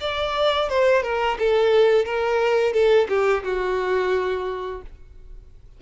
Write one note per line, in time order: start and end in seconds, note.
0.00 0.69 D5
0.69 1.03 C5
1.03 1.37 A#4
1.39 2.05 A4
2.05 2.73 A#4
2.73 3.08 A4
3.09 3.43 G4
3.44 4.82 F#4